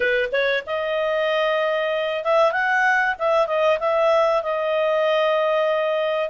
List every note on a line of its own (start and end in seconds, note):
0.00 0.29 B4
0.32 0.63 C#5
0.66 2.24 D#5
2.24 2.51 E5
2.51 3.15 F#5
3.18 3.46 E5
3.46 3.78 D#5
3.79 4.42 E5
4.42 6.29 D#5